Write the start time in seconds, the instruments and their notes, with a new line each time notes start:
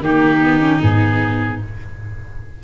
0.00 tuba D#3, viola A#3, violin D#4, oboe G4
0.41 viola B3
0.60 viola C#4
0.80 tuba G#2, viola B3, oboe G#4